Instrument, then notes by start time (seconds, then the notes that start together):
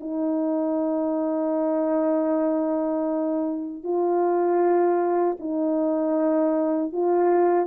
horn
0.00 D#4
3.83 F4
5.39 D#4
6.92 F4